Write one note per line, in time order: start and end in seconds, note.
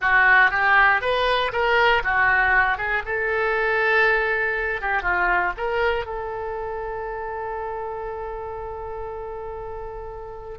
0.01 0.50 F#4
0.50 1.01 G4
1.01 1.51 B4
1.52 2.03 A#4
2.03 2.77 F#4
2.77 3.02 G#4
3.05 4.81 A4
4.81 5.02 G4
5.02 5.52 F4
5.57 6.05 A#4
6.05 10.58 A4